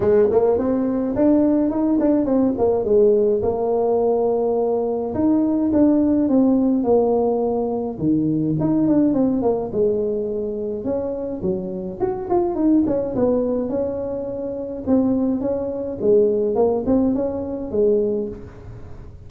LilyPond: \new Staff \with { instrumentName = "tuba" } { \time 4/4 \tempo 4 = 105 gis8 ais8 c'4 d'4 dis'8 d'8 | c'8 ais8 gis4 ais2~ | ais4 dis'4 d'4 c'4 | ais2 dis4 dis'8 d'8 |
c'8 ais8 gis2 cis'4 | fis4 fis'8 f'8 dis'8 cis'8 b4 | cis'2 c'4 cis'4 | gis4 ais8 c'8 cis'4 gis4 | }